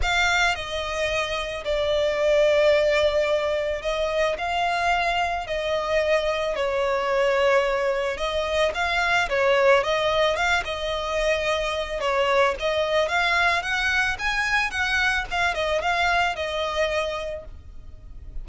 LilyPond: \new Staff \with { instrumentName = "violin" } { \time 4/4 \tempo 4 = 110 f''4 dis''2 d''4~ | d''2. dis''4 | f''2 dis''2 | cis''2. dis''4 |
f''4 cis''4 dis''4 f''8 dis''8~ | dis''2 cis''4 dis''4 | f''4 fis''4 gis''4 fis''4 | f''8 dis''8 f''4 dis''2 | }